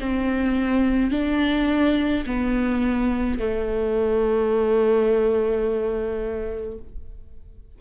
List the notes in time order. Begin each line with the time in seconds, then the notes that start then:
0.00 C4
1.11 D4
2.26 B3
3.39 A3